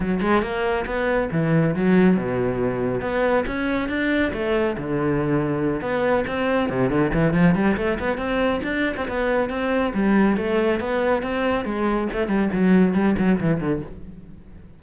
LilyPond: \new Staff \with { instrumentName = "cello" } { \time 4/4 \tempo 4 = 139 fis8 gis8 ais4 b4 e4 | fis4 b,2 b4 | cis'4 d'4 a4 d4~ | d4. b4 c'4 c8 |
d8 e8 f8 g8 a8 b8 c'4 | d'8. c'16 b4 c'4 g4 | a4 b4 c'4 gis4 | a8 g8 fis4 g8 fis8 e8 d8 | }